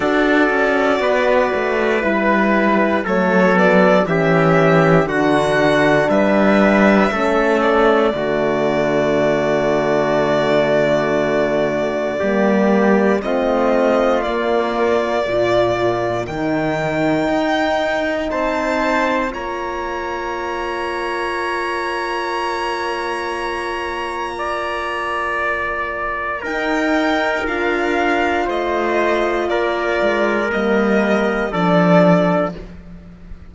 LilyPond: <<
  \new Staff \with { instrumentName = "violin" } { \time 4/4 \tempo 4 = 59 d''2 b'4 cis''8 d''8 | e''4 fis''4 e''4. d''8~ | d''1~ | d''4 dis''4 d''2 |
g''2 a''4 ais''4~ | ais''1~ | ais''2 g''4 f''4 | dis''4 d''4 dis''4 d''4 | }
  \new Staff \with { instrumentName = "trumpet" } { \time 4/4 a'4 b'2 a'4 | g'4 fis'4 b'4 a'4 | fis'1 | g'4 f'2 ais'4~ |
ais'2 c''4 cis''4~ | cis''1 | d''2 ais'2 | c''4 ais'2 a'4 | }
  \new Staff \with { instrumentName = "horn" } { \time 4/4 fis'2 e'4 a8 b8 | cis'4 d'2 cis'4 | a1 | ais4 c'4 ais4 f'4 |
dis'2. f'4~ | f'1~ | f'2 dis'4 f'4~ | f'2 ais4 d'4 | }
  \new Staff \with { instrumentName = "cello" } { \time 4/4 d'8 cis'8 b8 a8 g4 fis4 | e4 d4 g4 a4 | d1 | g4 a4 ais4 ais,4 |
dis4 dis'4 c'4 ais4~ | ais1~ | ais2 dis'4 d'4 | a4 ais8 gis8 g4 f4 | }
>>